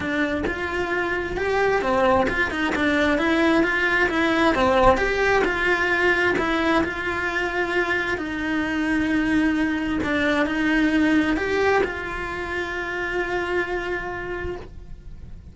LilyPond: \new Staff \with { instrumentName = "cello" } { \time 4/4 \tempo 4 = 132 d'4 f'2 g'4 | c'4 f'8 dis'8 d'4 e'4 | f'4 e'4 c'4 g'4 | f'2 e'4 f'4~ |
f'2 dis'2~ | dis'2 d'4 dis'4~ | dis'4 g'4 f'2~ | f'1 | }